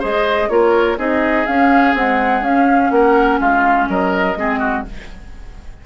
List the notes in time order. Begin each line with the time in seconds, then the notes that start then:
0.00 G#3 G#4 C5 D#5
0.49 A#3 F4 A#4 C#5
0.98 C4 D#4 G#4 D#5
1.47 C#4 F5
1.94 G#3 C4 F#5
2.42 C#4 F5
2.91 A#3 A#4 F#5
3.40 G#3 F4 F5
3.89 F#3 A#4 D#5
4.36 G#3 C4 G#4
4.59 F#4